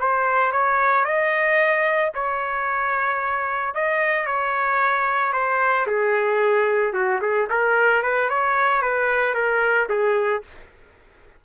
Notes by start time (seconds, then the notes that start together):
0.00 C5
0.52 C#5
1.05 D#5
2.15 C#5
3.75 D#5
4.27 C#5
5.33 C5
5.87 G#4
6.94 F#4
7.22 G#4
7.50 A#4
8.03 B4
8.30 C#5
8.82 B4
9.35 A#4
9.90 G#4